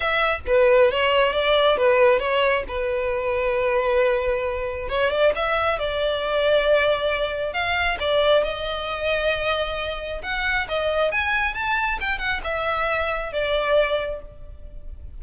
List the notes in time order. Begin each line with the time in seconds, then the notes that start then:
0.00 E5
0.46 B4
0.91 C#5
1.32 D5
1.77 B4
2.19 C#5
2.67 B4
4.88 C#5
5.10 D5
5.35 E5
5.78 D5
7.53 F5
7.99 D5
8.43 D#5
10.22 F#5
10.68 D#5
11.11 G#5
11.54 A5
12.00 G5
12.18 F#5
12.43 E5
13.32 D5